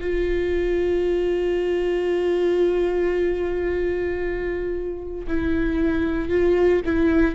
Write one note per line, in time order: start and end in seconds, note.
0.00 5.26 F4
5.27 6.29 E4
6.29 6.82 F4
6.85 7.34 E4